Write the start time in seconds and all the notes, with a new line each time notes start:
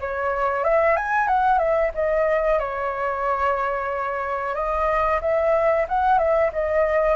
0.00 C#5
0.63 E5
0.96 G#5
1.27 F#5
1.58 E5
1.94 D#5
2.59 C#5
4.54 D#5
5.21 E5
5.88 F#5
6.18 E5
6.52 D#5